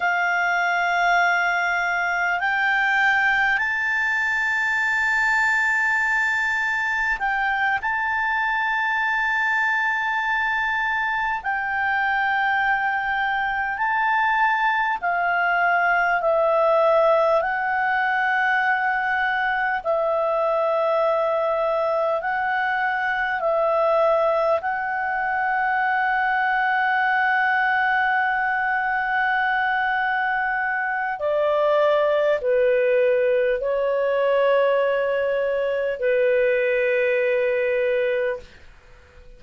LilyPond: \new Staff \with { instrumentName = "clarinet" } { \time 4/4 \tempo 4 = 50 f''2 g''4 a''4~ | a''2 g''8 a''4.~ | a''4. g''2 a''8~ | a''8 f''4 e''4 fis''4.~ |
fis''8 e''2 fis''4 e''8~ | e''8 fis''2.~ fis''8~ | fis''2 d''4 b'4 | cis''2 b'2 | }